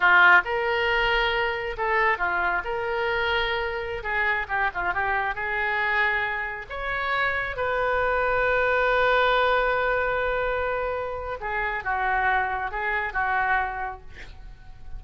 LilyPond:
\new Staff \with { instrumentName = "oboe" } { \time 4/4 \tempo 4 = 137 f'4 ais'2. | a'4 f'4 ais'2~ | ais'4~ ais'16 gis'4 g'8 f'8 g'8.~ | g'16 gis'2. cis''8.~ |
cis''4~ cis''16 b'2~ b'8.~ | b'1~ | b'2 gis'4 fis'4~ | fis'4 gis'4 fis'2 | }